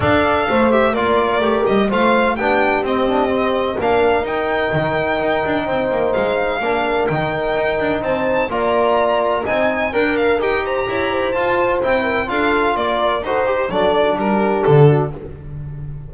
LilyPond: <<
  \new Staff \with { instrumentName = "violin" } { \time 4/4 \tempo 4 = 127 f''4. e''8 d''4. dis''8 | f''4 g''4 dis''2 | f''4 g''2.~ | g''4 f''2 g''4~ |
g''4 a''4 ais''2 | gis''4 g''8 f''8 g''8 ais''4. | a''4 g''4 f''4 d''4 | c''4 d''4 ais'4 a'4 | }
  \new Staff \with { instrumentName = "horn" } { \time 4/4 d''4 c''4 ais'2 | c''4 g'2. | ais'1 | c''2 ais'2~ |
ais'4 c''4 d''2 | dis''4 ais'4. c''8 cis''8 c''8~ | c''4. ais'8 a'4 ais'4 | a'8 g'8 a'4 g'4. fis'8 | }
  \new Staff \with { instrumentName = "trombone" } { \time 4/4 a'4. g'8 f'4 g'4 | f'4 d'4 c'8 d'8 c'4 | d'4 dis'2.~ | dis'2 d'4 dis'4~ |
dis'2 f'2 | dis'4 ais'4 g'2 | f'4 e'4 f'2 | fis'8 g'8 d'2. | }
  \new Staff \with { instrumentName = "double bass" } { \time 4/4 d'4 a4 ais4 a8 g8 | a4 b4 c'2 | ais4 dis'4 dis4 dis'8 d'8 | c'8 ais8 gis4 ais4 dis4 |
dis'8 d'8 c'4 ais2 | c'4 d'4 dis'4 e'4 | f'4 c'4 d'4 ais4 | dis'4 fis4 g4 d4 | }
>>